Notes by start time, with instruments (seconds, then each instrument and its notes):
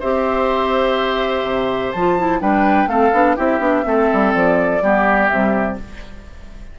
0.00 bassoon C4, clarinet G4, oboe C5, flute E5
1.44 bassoon C3
1.92 bassoon F3, clarinet F4, flute A5
2.18 clarinet E4
2.41 bassoon G3, clarinet D4, oboe B4, flute G5
2.87 bassoon A3, clarinet C4, oboe A4, flute F5
3.13 bassoon B3, clarinet D4
3.36 bassoon C4, clarinet E4, oboe G4, flute E5
3.59 bassoon B3, clarinet D4
3.83 bassoon A3, clarinet C4, oboe A4
4.13 bassoon G3
4.33 bassoon F3, flute D5
4.82 bassoon G3, clarinet B3, oboe G4
5.28 bassoon C3, clarinet G3, flute E5